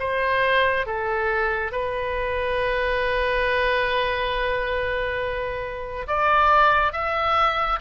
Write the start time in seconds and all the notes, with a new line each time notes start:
0.00 C5
0.87 A4
1.72 B4
6.08 D5
6.93 E5